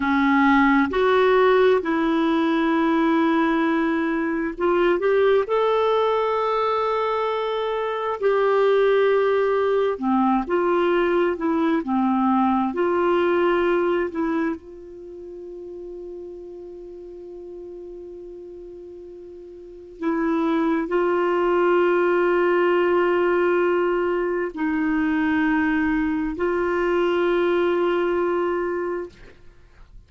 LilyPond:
\new Staff \with { instrumentName = "clarinet" } { \time 4/4 \tempo 4 = 66 cis'4 fis'4 e'2~ | e'4 f'8 g'8 a'2~ | a'4 g'2 c'8 f'8~ | f'8 e'8 c'4 f'4. e'8 |
f'1~ | f'2 e'4 f'4~ | f'2. dis'4~ | dis'4 f'2. | }